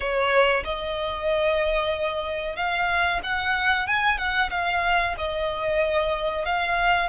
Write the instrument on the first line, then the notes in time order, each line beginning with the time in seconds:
violin
0.00 C#5
0.64 D#5
2.56 F5
3.23 F#5
3.87 G#5
4.18 F#5
4.50 F5
5.17 D#5
6.45 F5